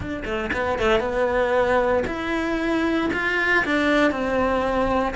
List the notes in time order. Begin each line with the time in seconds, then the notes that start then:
0.00 D4
0.24 A3
0.52 B3
0.79 A3
1.00 B3
2.07 E4
3.13 F4
3.65 D4
4.11 C4